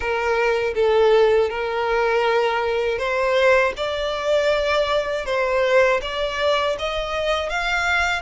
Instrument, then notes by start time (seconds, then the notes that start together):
violin
0.00 A#4
0.75 A4
1.49 A#4
2.98 C5
3.76 D5
5.25 C5
6.01 D5
6.79 D#5
7.49 F5